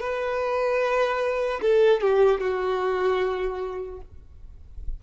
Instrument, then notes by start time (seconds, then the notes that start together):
violin
0.00 B4
1.61 A4
2.01 G4
2.41 F#4